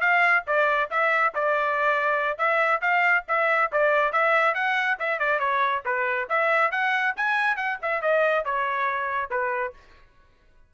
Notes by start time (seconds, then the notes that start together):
0.00 F5
0.47 D5
0.90 E5
1.34 D5
2.37 E5
2.81 F5
3.28 E5
3.72 D5
4.12 E5
4.54 F#5
4.99 E5
5.19 D5
5.39 C#5
5.85 B4
6.29 E5
6.71 F#5
7.16 G#5
7.56 F#5
7.81 E5
8.01 D#5
8.44 C#5
9.30 B4